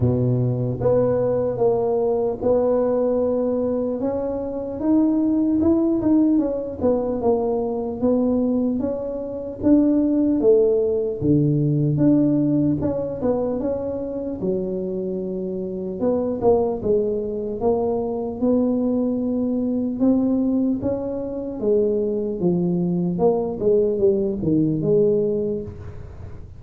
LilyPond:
\new Staff \with { instrumentName = "tuba" } { \time 4/4 \tempo 4 = 75 b,4 b4 ais4 b4~ | b4 cis'4 dis'4 e'8 dis'8 | cis'8 b8 ais4 b4 cis'4 | d'4 a4 d4 d'4 |
cis'8 b8 cis'4 fis2 | b8 ais8 gis4 ais4 b4~ | b4 c'4 cis'4 gis4 | f4 ais8 gis8 g8 dis8 gis4 | }